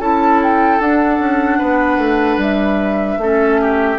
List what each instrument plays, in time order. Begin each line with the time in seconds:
0.00 bassoon C#4, clarinet E4, oboe A4, flute A5
0.43 flute G5
0.80 bassoon D4, clarinet D4, flute F#5
1.19 bassoon C#4
1.59 bassoon B3, oboe B4
1.98 bassoon A3
2.38 bassoon G3, flute E5
3.18 bassoon A3, clarinet C#4, oboe A4
3.62 oboe G4